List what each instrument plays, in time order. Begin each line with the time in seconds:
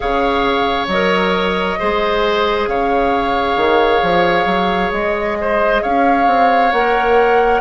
0.00 bassoon C#3, clarinet G#4, oboe C#5, flute F5
0.87 bassoon F#3, clarinet A#4, flute D#5
1.78 bassoon G#3, clarinet G#4, oboe C5
2.67 bassoon C#3, oboe C#5, flute F5
3.57 bassoon D#3
4.02 bassoon F3
4.45 bassoon F#3
4.91 bassoon G#3, flute D#5
5.40 oboe C5
5.82 bassoon C#4, oboe C#5, flute F5
6.26 bassoon C4
6.72 bassoon A#3, clarinet A#4, flute F#5